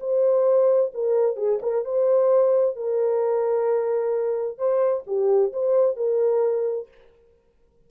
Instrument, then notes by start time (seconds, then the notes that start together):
horn
0.00 C5
0.94 A#4
1.36 G#4
1.62 A#4
1.85 C5
2.76 A#4
4.58 C5
5.07 G4
5.53 C5
5.96 A#4